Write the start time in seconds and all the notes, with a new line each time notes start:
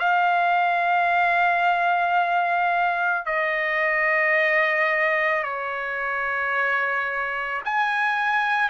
0.00 F5
3.26 D#5
5.43 C#5
7.65 G#5